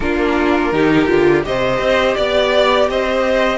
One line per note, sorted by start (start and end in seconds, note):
0.00 0.72 A#3
0.00 0.73 D4
0.00 0.73 F4
0.00 1.44 A#4
0.72 1.08 D#3
0.72 1.07 D#4
0.72 1.46 G4
1.07 1.45 D3
1.07 1.43 F4
1.43 1.79 C3
1.43 3.58 G4
1.43 2.17 C5
1.43 2.15 D#5
1.79 2.15 C4
2.15 2.88 B3
2.15 2.87 D5
2.15 2.89 D5
2.88 3.58 C4
2.88 3.58 C5
2.88 3.58 D#5